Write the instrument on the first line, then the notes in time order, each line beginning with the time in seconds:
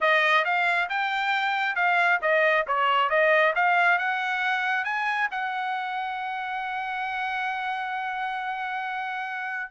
trumpet
0.00 D#5
0.44 F5
0.89 G5
1.75 F5
2.21 D#5
2.67 C#5
3.09 D#5
3.55 F5
3.98 F#5
4.84 G#5
5.31 F#5